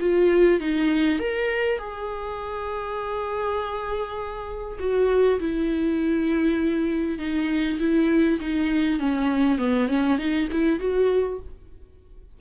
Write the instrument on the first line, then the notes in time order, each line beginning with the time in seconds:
viola
0.00 F4
0.60 D#4
1.19 A#4
1.78 G#4
4.79 F#4
5.39 E4
7.18 D#4
7.79 E4
8.40 D#4
8.99 C#4
9.58 B3
9.88 C#4
10.18 D#4
10.52 E4
10.79 F#4